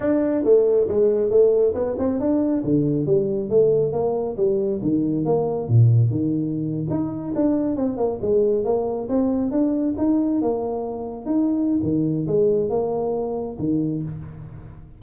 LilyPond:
\new Staff \with { instrumentName = "tuba" } { \time 4/4 \tempo 4 = 137 d'4 a4 gis4 a4 | b8 c'8 d'4 d4 g4 | a4 ais4 g4 dis4 | ais4 ais,4 dis4.~ dis16 dis'16~ |
dis'8. d'4 c'8 ais8 gis4 ais16~ | ais8. c'4 d'4 dis'4 ais16~ | ais4.~ ais16 dis'4~ dis'16 dis4 | gis4 ais2 dis4 | }